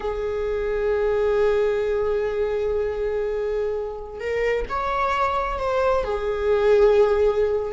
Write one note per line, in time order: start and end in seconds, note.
0.00 4.20 G#4
4.20 4.65 A#4
4.69 5.58 C#5
5.58 6.04 C5
6.04 7.72 G#4